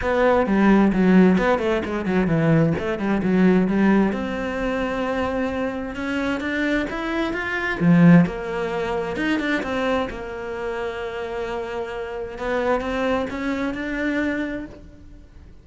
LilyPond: \new Staff \with { instrumentName = "cello" } { \time 4/4 \tempo 4 = 131 b4 g4 fis4 b8 a8 | gis8 fis8 e4 a8 g8 fis4 | g4 c'2.~ | c'4 cis'4 d'4 e'4 |
f'4 f4 ais2 | dis'8 d'8 c'4 ais2~ | ais2. b4 | c'4 cis'4 d'2 | }